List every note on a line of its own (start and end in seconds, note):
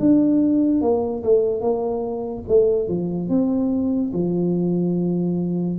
0.00 0.81 D4
0.81 1.23 A#3
1.23 1.61 A3
1.61 2.44 A#3
2.48 2.89 A3
2.89 3.29 F3
3.29 4.12 C4
4.14 5.79 F3